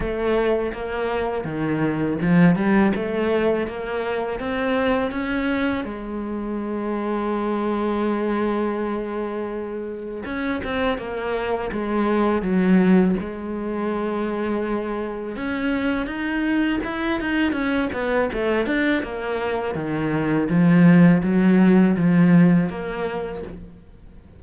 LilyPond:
\new Staff \with { instrumentName = "cello" } { \time 4/4 \tempo 4 = 82 a4 ais4 dis4 f8 g8 | a4 ais4 c'4 cis'4 | gis1~ | gis2 cis'8 c'8 ais4 |
gis4 fis4 gis2~ | gis4 cis'4 dis'4 e'8 dis'8 | cis'8 b8 a8 d'8 ais4 dis4 | f4 fis4 f4 ais4 | }